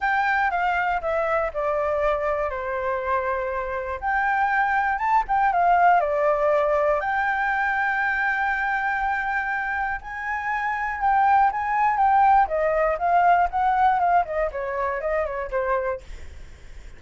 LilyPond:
\new Staff \with { instrumentName = "flute" } { \time 4/4 \tempo 4 = 120 g''4 f''4 e''4 d''4~ | d''4 c''2. | g''2 a''8 g''8 f''4 | d''2 g''2~ |
g''1 | gis''2 g''4 gis''4 | g''4 dis''4 f''4 fis''4 | f''8 dis''8 cis''4 dis''8 cis''8 c''4 | }